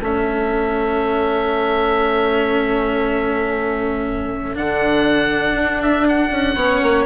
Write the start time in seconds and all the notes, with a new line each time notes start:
0.00 A3 C#4 A4 E5
4.55 D3 D4 F#5
5.54 D4
5.82 E5
6.08 F#5
6.30 C#4
6.56 B3 C#4 C#5
6.83 A#3